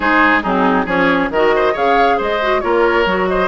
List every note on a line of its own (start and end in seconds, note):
0.00 0.44 G#3
0.00 0.41 D#4
0.00 0.42 G#4
0.00 0.42 C5
0.42 0.85 F#3
0.42 0.87 C4
0.42 0.85 D#4
0.42 0.86 G#4
0.85 1.29 F3
0.85 1.31 C#4
0.85 1.29 G#4
0.85 1.30 C#5
1.30 1.73 D#3
1.30 1.74 F#4
1.30 1.54 A#4
1.30 1.76 D#5
1.55 1.73 C5
1.73 2.19 C#3
1.73 2.39 G#4
1.73 2.17 C#5
1.73 2.20 F5
2.17 2.63 G#3
2.17 2.61 C5
2.17 2.60 D#5
2.42 2.61 F#4
2.60 3.05 A#3
2.60 3.05 F4
2.60 3.29 A#4
2.60 3.26 C#5
3.05 3.48 F#3
3.05 3.48 F#4
3.27 3.48 C5
3.27 3.48 D#5